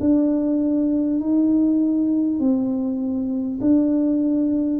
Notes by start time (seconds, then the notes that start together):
0.00 D4
1.20 D#4
2.39 C4
3.61 D4